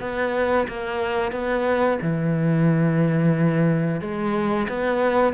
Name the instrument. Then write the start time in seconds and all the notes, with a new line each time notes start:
cello
0.00 B3
0.68 A#3
1.32 B3
2.02 E3
4.00 G#3
4.68 B3